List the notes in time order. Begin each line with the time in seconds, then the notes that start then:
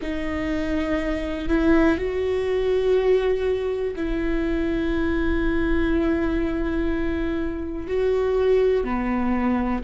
0.01 D#4
1.48 E4
1.97 F#4
3.96 E4
7.87 F#4
8.83 B3